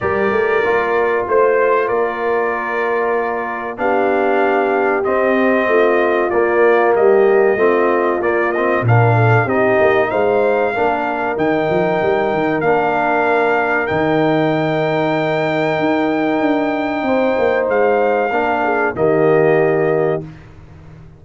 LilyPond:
<<
  \new Staff \with { instrumentName = "trumpet" } { \time 4/4 \tempo 4 = 95 d''2 c''4 d''4~ | d''2 f''2 | dis''2 d''4 dis''4~ | dis''4 d''8 dis''8 f''4 dis''4 |
f''2 g''2 | f''2 g''2~ | g''1 | f''2 dis''2 | }
  \new Staff \with { instrumentName = "horn" } { \time 4/4 ais'2 c''4 ais'4~ | ais'2 g'2~ | g'4 f'2 g'4 | f'2 ais'8 a'8 g'4 |
c''4 ais'2.~ | ais'1~ | ais'2. c''4~ | c''4 ais'8 gis'8 g'2 | }
  \new Staff \with { instrumentName = "trombone" } { \time 4/4 g'4 f'2.~ | f'2 d'2 | c'2 ais2 | c'4 ais8 c'8 d'4 dis'4~ |
dis'4 d'4 dis'2 | d'2 dis'2~ | dis'1~ | dis'4 d'4 ais2 | }
  \new Staff \with { instrumentName = "tuba" } { \time 4/4 g8 a8 ais4 a4 ais4~ | ais2 b2 | c'4 a4 ais4 g4 | a4 ais4 ais,4 c'8 ais8 |
gis4 ais4 dis8 f8 g8 dis8 | ais2 dis2~ | dis4 dis'4 d'4 c'8 ais8 | gis4 ais4 dis2 | }
>>